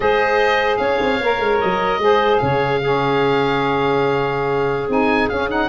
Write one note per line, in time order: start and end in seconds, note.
0.00 0.79 G#3
0.00 1.20 G#4
0.00 0.79 C5
0.00 0.77 D#5
0.77 0.99 C#4
0.77 1.99 C#5
0.77 1.57 F5
1.00 1.20 C4
1.20 1.39 A#3
1.20 2.00 A#4
1.39 1.59 G#3
1.60 1.98 F#3
1.60 2.37 D#5
1.98 2.38 G#3
1.98 2.80 G#4
1.98 2.42 C5
2.37 4.88 C#3
2.37 2.81 C#5
2.37 4.87 F5
2.81 4.89 C#4
2.81 5.69 G#4
4.88 5.28 C4
4.88 5.29 D#4
4.88 5.29 G#5
5.29 5.49 C#4
5.29 5.69 C#4
5.29 5.49 F5
5.49 5.69 D#4
5.49 5.69 F#5